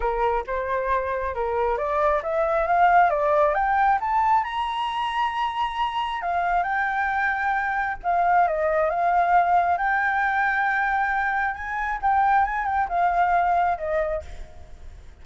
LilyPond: \new Staff \with { instrumentName = "flute" } { \time 4/4 \tempo 4 = 135 ais'4 c''2 ais'4 | d''4 e''4 f''4 d''4 | g''4 a''4 ais''2~ | ais''2 f''4 g''4~ |
g''2 f''4 dis''4 | f''2 g''2~ | g''2 gis''4 g''4 | gis''8 g''8 f''2 dis''4 | }